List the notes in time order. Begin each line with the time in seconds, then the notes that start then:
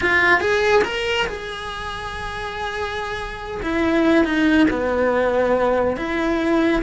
0.01 F4
0.40 G#4
0.84 A#4
1.27 G#4
3.62 E4
4.24 D#4
4.70 B3
5.97 E4